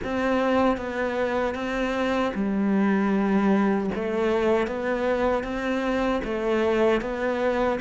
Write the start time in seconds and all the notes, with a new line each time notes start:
0.04 C4
0.77 B3
1.54 C4
2.34 G3
3.94 A3
4.67 B3
5.43 C4
6.23 A3
7.01 B3